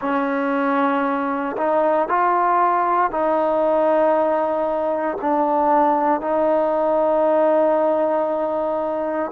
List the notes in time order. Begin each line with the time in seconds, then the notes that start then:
0.00 C#4
1.57 D#4
2.08 F4
3.10 D#4
5.21 D4
6.21 D#4